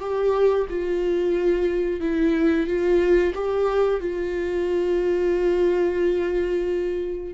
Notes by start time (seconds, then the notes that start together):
0.00 G4
0.69 F4
2.00 E4
2.67 F4
3.35 G4
4.00 F4